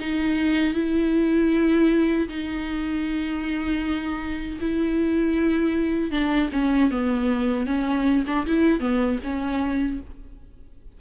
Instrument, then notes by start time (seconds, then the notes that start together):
viola
0.00 D#4
0.74 E4
2.28 D#4
4.60 E4
6.11 D4
6.52 C#4
6.91 B3
7.66 C#4
8.27 D4
8.46 E4
8.80 B3
9.23 C#4